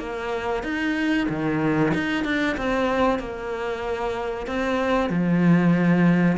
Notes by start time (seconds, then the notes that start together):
0.00 A#3
0.64 D#4
1.29 D#3
1.94 D#4
2.25 D4
2.57 C4
3.20 A#3
4.47 C4
5.10 F3